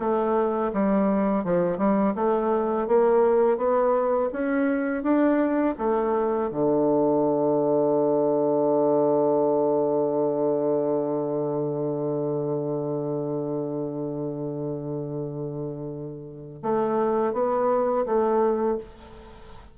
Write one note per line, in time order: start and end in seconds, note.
0.00 0.72 A3
0.74 1.45 G3
1.45 1.78 F3
1.78 2.15 G3
2.16 2.88 A3
2.88 3.58 A#3
3.58 4.30 B3
4.33 5.03 C#4
5.03 5.76 D4
5.79 6.51 A3
6.52 16.63 D3
16.63 17.34 A3
17.34 18.06 B3
18.06 18.79 A3